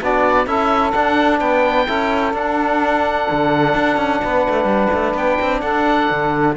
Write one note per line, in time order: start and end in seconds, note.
0.00 0.46 B3
0.00 0.46 D4
0.00 0.47 F#4
0.00 0.47 D5
0.46 0.93 C#4
0.46 0.93 E4
0.46 1.38 A4
0.46 0.92 E5
0.92 1.87 D4
0.92 1.41 D4
0.92 1.38 F#5
1.38 1.87 B3
1.38 1.85 B4
1.38 2.33 G5
1.87 2.33 C#4
1.87 2.34 E4
1.87 4.21 A4
2.33 3.27 D4
2.33 6.56 D4
2.33 5.17 F#5
3.31 3.74 D3
3.74 3.97 D4
3.97 4.20 C#4
4.23 4.48 B3
4.23 5.61 B4
4.49 4.64 A3
4.64 4.88 G3
4.93 5.14 A3
5.14 5.37 B3
5.14 5.61 G5
5.41 5.62 C4
5.61 6.09 D4
5.61 6.54 A4
5.61 6.54 F#5
6.10 6.57 D3